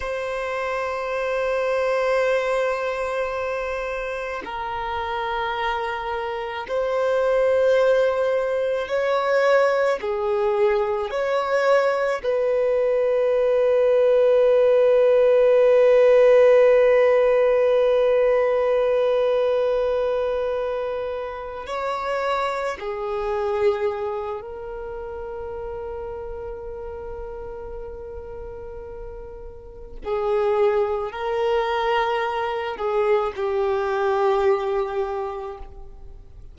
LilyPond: \new Staff \with { instrumentName = "violin" } { \time 4/4 \tempo 4 = 54 c''1 | ais'2 c''2 | cis''4 gis'4 cis''4 b'4~ | b'1~ |
b'2.~ b'8 cis''8~ | cis''8 gis'4. ais'2~ | ais'2. gis'4 | ais'4. gis'8 g'2 | }